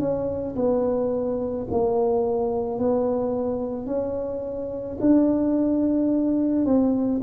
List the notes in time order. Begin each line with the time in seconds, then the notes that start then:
0.00 C#4
0.56 B3
1.72 A#3
2.79 B3
3.87 C#4
5.01 D4
6.66 C4